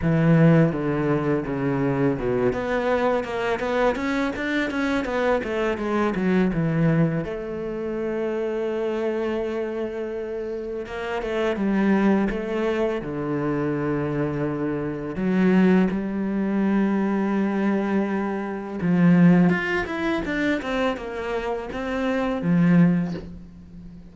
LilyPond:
\new Staff \with { instrumentName = "cello" } { \time 4/4 \tempo 4 = 83 e4 d4 cis4 b,8 b8~ | b8 ais8 b8 cis'8 d'8 cis'8 b8 a8 | gis8 fis8 e4 a2~ | a2. ais8 a8 |
g4 a4 d2~ | d4 fis4 g2~ | g2 f4 f'8 e'8 | d'8 c'8 ais4 c'4 f4 | }